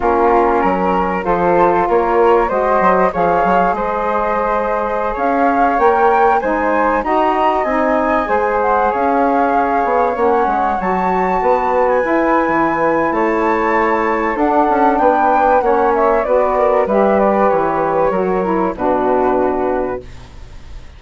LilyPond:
<<
  \new Staff \with { instrumentName = "flute" } { \time 4/4 \tempo 4 = 96 ais'2 c''4 cis''4 | dis''4 f''4 dis''2~ | dis''16 f''4 g''4 gis''4 ais''8.~ | ais''16 gis''4. fis''8 f''4.~ f''16~ |
f''16 fis''4 a''4.~ a''16 gis''4~ | gis''4 a''2 fis''4 | g''4 fis''8 e''8 d''4 e''8 d''8 | cis''2 b'2 | }
  \new Staff \with { instrumentName = "flute" } { \time 4/4 f'4 ais'4 a'4 ais'4 | c''4 cis''4 c''2~ | c''16 cis''2 c''4 dis''8.~ | dis''4~ dis''16 c''4 cis''4.~ cis''16~ |
cis''2~ cis''16 b'4.~ b'16~ | b'4 cis''2 a'4 | b'4 cis''4 b'8 ais'8 b'4~ | b'4 ais'4 fis'2 | }
  \new Staff \with { instrumentName = "saxophone" } { \time 4/4 cis'2 f'2 | fis'4 gis'2.~ | gis'4~ gis'16 ais'4 dis'4 fis'8.~ | fis'16 dis'4 gis'2~ gis'8.~ |
gis'16 cis'4 fis'2 e'8.~ | e'2. d'4~ | d'4 cis'4 fis'4 g'4~ | g'4 fis'8 e'8 d'2 | }
  \new Staff \with { instrumentName = "bassoon" } { \time 4/4 ais4 fis4 f4 ais4 | gis8 fis8 f8 fis8 gis2~ | gis16 cis'4 ais4 gis4 dis'8.~ | dis'16 c'4 gis4 cis'4. b16~ |
b16 ais8 gis8 fis4 b4 e'8. | e4 a2 d'8 cis'8 | b4 ais4 b4 g4 | e4 fis4 b,2 | }
>>